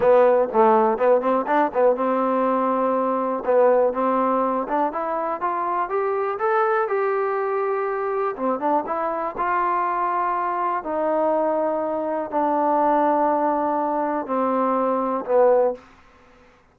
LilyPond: \new Staff \with { instrumentName = "trombone" } { \time 4/4 \tempo 4 = 122 b4 a4 b8 c'8 d'8 b8 | c'2. b4 | c'4. d'8 e'4 f'4 | g'4 a'4 g'2~ |
g'4 c'8 d'8 e'4 f'4~ | f'2 dis'2~ | dis'4 d'2.~ | d'4 c'2 b4 | }